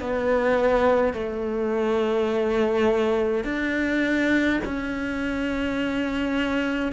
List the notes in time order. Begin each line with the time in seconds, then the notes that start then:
0.00 B3
1.13 A3
3.44 D4
4.64 C#4